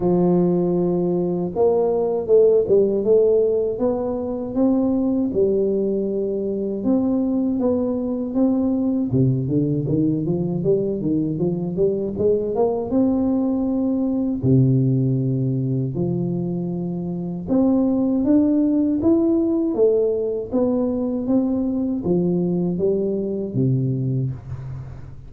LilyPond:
\new Staff \with { instrumentName = "tuba" } { \time 4/4 \tempo 4 = 79 f2 ais4 a8 g8 | a4 b4 c'4 g4~ | g4 c'4 b4 c'4 | c8 d8 dis8 f8 g8 dis8 f8 g8 |
gis8 ais8 c'2 c4~ | c4 f2 c'4 | d'4 e'4 a4 b4 | c'4 f4 g4 c4 | }